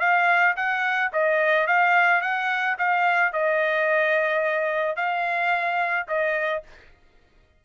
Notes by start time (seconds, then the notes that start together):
0.00 F5
0.56 F#5
1.13 D#5
1.67 F5
2.22 F#5
2.78 F5
3.33 D#5
4.96 F5
6.08 D#5